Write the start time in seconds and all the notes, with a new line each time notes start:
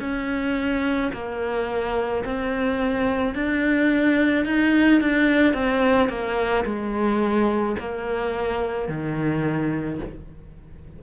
0.00 C#4
1.13 A#3
2.24 C4
3.35 D4
4.45 D#4
5.01 D4
5.54 C4
6.09 A#3
6.65 G#3
7.79 A#3
8.88 D#3